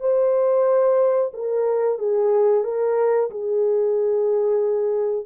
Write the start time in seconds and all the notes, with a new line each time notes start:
0.00 C5
1.34 A#4
1.99 G#4
2.64 A#4
3.31 G#4